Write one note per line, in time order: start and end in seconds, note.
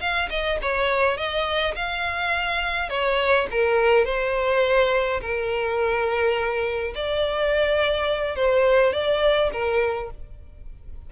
0.00 0.29 F5
0.30 0.58 D#5
0.61 1.16 C#5
1.16 1.74 D#5
1.75 2.89 F5
2.89 3.47 C#5
3.51 4.05 A#4
4.05 5.20 C5
5.21 6.94 A#4
6.94 8.35 D5
8.35 8.93 C5
8.93 9.50 D5
9.52 10.10 A#4